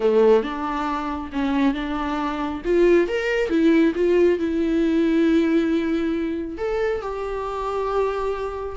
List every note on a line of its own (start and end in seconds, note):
0.00 0.42 A3
0.42 1.30 D4
1.32 1.74 C#4
1.74 2.61 D4
2.64 3.08 F4
3.08 3.49 A#4
3.49 3.93 E4
3.95 4.38 F4
4.38 6.57 E4
6.57 7.01 A4
7.01 8.76 G4